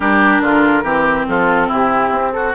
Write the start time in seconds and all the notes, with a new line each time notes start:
0.00 G3 D4 G4 A#4
0.40 D3 F4
0.83 E3 C4 G4
1.28 F3 F4 A4
1.67 C3 E4 G4
2.11 C4
2.32 F#4 A4